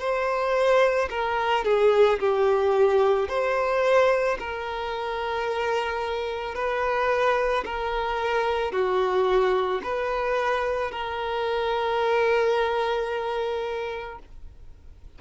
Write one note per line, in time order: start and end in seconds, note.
0.00 1.09 C5
1.11 1.65 A#4
1.65 2.20 G#4
2.20 3.29 G4
3.29 4.38 C5
4.40 6.56 A#4
6.56 7.65 B4
7.66 8.72 A#4
8.72 9.81 F#4
9.83 10.92 B4
10.92 14.19 A#4